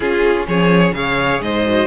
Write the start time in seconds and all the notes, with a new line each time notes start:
0.00 C#4 F4 G#4
0.47 F3 G#4 C#5
0.92 C#3 G#4 C#5 F5
1.41 G#2 C5 D#5
1.66 F#4